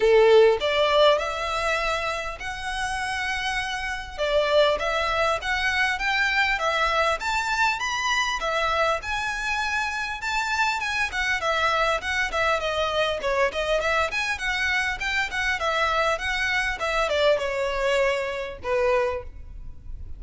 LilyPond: \new Staff \with { instrumentName = "violin" } { \time 4/4 \tempo 4 = 100 a'4 d''4 e''2 | fis''2. d''4 | e''4 fis''4 g''4 e''4 | a''4 b''4 e''4 gis''4~ |
gis''4 a''4 gis''8 fis''8 e''4 | fis''8 e''8 dis''4 cis''8 dis''8 e''8 gis''8 | fis''4 g''8 fis''8 e''4 fis''4 | e''8 d''8 cis''2 b'4 | }